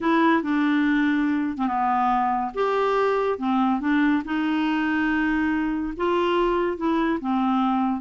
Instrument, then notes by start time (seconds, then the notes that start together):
clarinet
0.00 E4
0.42 D4
1.57 C4
1.67 B3
2.54 G4
3.38 C4
3.80 D4
4.24 D#4
5.96 F4
6.77 E4
7.20 C4